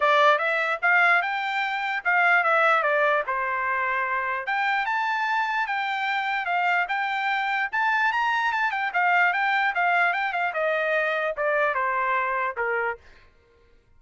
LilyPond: \new Staff \with { instrumentName = "trumpet" } { \time 4/4 \tempo 4 = 148 d''4 e''4 f''4 g''4~ | g''4 f''4 e''4 d''4 | c''2. g''4 | a''2 g''2 |
f''4 g''2 a''4 | ais''4 a''8 g''8 f''4 g''4 | f''4 g''8 f''8 dis''2 | d''4 c''2 ais'4 | }